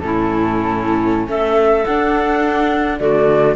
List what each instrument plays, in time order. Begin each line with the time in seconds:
0.00 cello A2, viola C#4, clarinet E4, flute A4
1.28 cello A3, clarinet A4, flute E5
1.85 cello D4, viola D4, flute F#5
2.99 cello D3, viola A3, clarinet F#4, flute D5